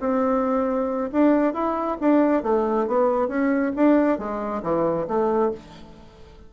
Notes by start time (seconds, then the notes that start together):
0.00 C4
1.12 D4
1.53 E4
2.00 D4
2.43 A3
2.87 B3
3.28 C#4
3.76 D4
4.18 G#3
4.63 E3
5.08 A3